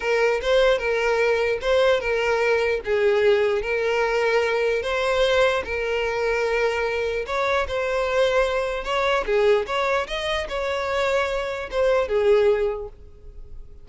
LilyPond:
\new Staff \with { instrumentName = "violin" } { \time 4/4 \tempo 4 = 149 ais'4 c''4 ais'2 | c''4 ais'2 gis'4~ | gis'4 ais'2. | c''2 ais'2~ |
ais'2 cis''4 c''4~ | c''2 cis''4 gis'4 | cis''4 dis''4 cis''2~ | cis''4 c''4 gis'2 | }